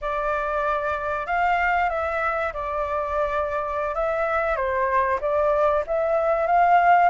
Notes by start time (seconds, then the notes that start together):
0.01 D5
1.26 F5
1.89 E5
2.53 D5
3.94 E5
4.56 C5
5.20 D5
5.87 E5
6.46 F5